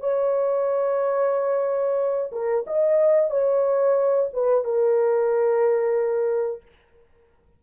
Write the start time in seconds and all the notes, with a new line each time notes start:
0.00 C#5
2.32 A#4
2.67 D#5
3.31 C#5
4.33 B4
4.64 A#4